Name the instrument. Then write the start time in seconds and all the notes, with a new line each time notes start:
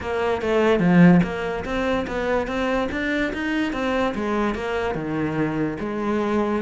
cello
0.00 A#3
0.41 A3
0.79 F3
1.23 A#3
1.64 C4
2.07 B3
2.47 C4
2.91 D4
3.33 D#4
3.72 C4
4.15 G#3
4.54 A#3
4.94 D#3
5.79 G#3